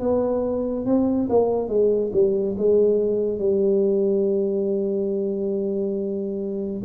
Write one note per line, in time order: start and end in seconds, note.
0.00 0.86 B3
0.86 1.29 C4
1.29 1.69 A#3
1.69 2.12 G#3
2.13 2.56 G3
2.58 3.39 G#3
3.39 6.82 G3